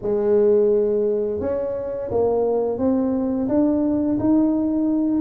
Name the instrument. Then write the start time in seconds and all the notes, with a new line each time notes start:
tuba
0.02 G#3
1.40 C#4
2.10 A#3
2.78 C4
3.48 D4
4.19 D#4